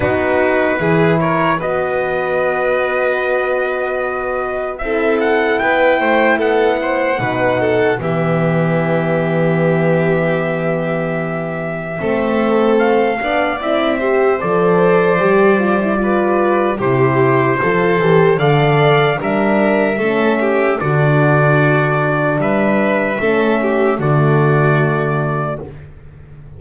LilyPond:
<<
  \new Staff \with { instrumentName = "trumpet" } { \time 4/4 \tempo 4 = 75 b'4. cis''8 dis''2~ | dis''2 e''8 fis''8 g''4 | fis''2 e''2~ | e''1 |
f''4 e''4 d''2~ | d''4 c''2 f''4 | e''2 d''2 | e''2 d''2 | }
  \new Staff \with { instrumentName = "violin" } { \time 4/4 fis'4 gis'8 ais'8 b'2~ | b'2 a'4 b'8 c''8 | a'8 c''8 b'8 a'8 g'2~ | g'2. a'4~ |
a'8 d''4 c''2~ c''8 | b'4 g'4 a'4 d''4 | ais'4 a'8 g'8 fis'2 | b'4 a'8 g'8 fis'2 | }
  \new Staff \with { instrumentName = "horn" } { \time 4/4 dis'4 e'4 fis'2~ | fis'2 e'2~ | e'4 dis'4 b2~ | b2. c'4~ |
c'8 d'8 e'8 g'8 a'4 g'8 f'16 e'16 | f'4 e'4 f'8 g'8 a'4 | d'4 cis'4 d'2~ | d'4 cis'4 a2 | }
  \new Staff \with { instrumentName = "double bass" } { \time 4/4 b4 e4 b2~ | b2 c'4 b8 a8 | b4 b,4 e2~ | e2. a4~ |
a8 b8 c'4 f4 g4~ | g4 c4 f8 e8 d4 | g4 a4 d2 | g4 a4 d2 | }
>>